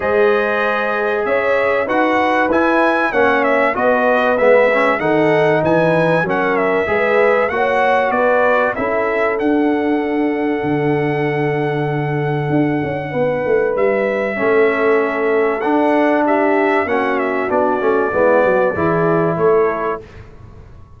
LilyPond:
<<
  \new Staff \with { instrumentName = "trumpet" } { \time 4/4 \tempo 4 = 96 dis''2 e''4 fis''4 | gis''4 fis''8 e''8 dis''4 e''4 | fis''4 gis''4 fis''8 e''4. | fis''4 d''4 e''4 fis''4~ |
fis''1~ | fis''2 e''2~ | e''4 fis''4 e''4 fis''8 e''8 | d''2. cis''4 | }
  \new Staff \with { instrumentName = "horn" } { \time 4/4 c''2 cis''4 b'4~ | b'4 cis''4 b'2 | a'4 b'4 ais'4 b'4 | cis''4 b'4 a'2~ |
a'1~ | a'4 b'2 a'4~ | a'2 g'4 fis'4~ | fis'4 e'8 fis'8 gis'4 a'4 | }
  \new Staff \with { instrumentName = "trombone" } { \time 4/4 gis'2. fis'4 | e'4 cis'4 fis'4 b8 cis'8 | dis'2 cis'4 gis'4 | fis'2 e'4 d'4~ |
d'1~ | d'2. cis'4~ | cis'4 d'2 cis'4 | d'8 cis'8 b4 e'2 | }
  \new Staff \with { instrumentName = "tuba" } { \time 4/4 gis2 cis'4 dis'4 | e'4 ais4 b4 gis4 | dis4 e4 fis4 gis4 | ais4 b4 cis'4 d'4~ |
d'4 d2. | d'8 cis'8 b8 a8 g4 a4~ | a4 d'2 ais4 | b8 a8 gis8 fis8 e4 a4 | }
>>